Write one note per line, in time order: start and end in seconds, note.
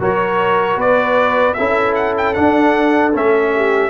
0.00 0.77 F#3
0.00 1.56 F#4
0.00 0.78 A#4
0.00 0.81 C#5
0.77 1.55 B3
0.77 1.56 B4
0.77 1.54 D5
1.54 2.37 C#4
1.54 2.35 E4
1.54 3.53 A4
1.54 1.93 E5
1.95 2.15 F#5
2.18 2.34 G5
2.34 3.13 D4
2.34 3.15 D4
2.34 3.12 F#5
3.14 3.91 A3
3.14 3.91 C#4
3.14 3.91 E5
3.55 3.91 G4